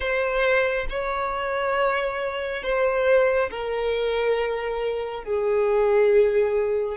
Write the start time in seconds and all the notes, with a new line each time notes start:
0.00 C5
0.89 C#5
2.62 C5
3.50 A#4
5.24 G#4